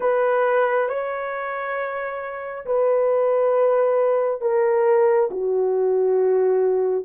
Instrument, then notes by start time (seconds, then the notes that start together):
horn
0.00 B4
0.88 C#5
2.65 B4
4.41 A#4
5.30 F#4